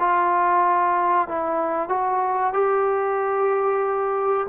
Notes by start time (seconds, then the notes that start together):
0.00 F4
1.28 E4
1.89 F#4
2.54 G4